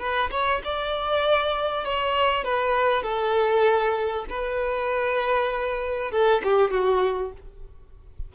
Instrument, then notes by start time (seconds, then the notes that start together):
violin
0.00 B4
0.31 C#5
0.65 D5
1.85 C#5
2.45 B4
3.03 A4
4.30 B4
6.12 A4
6.44 G4
6.72 F#4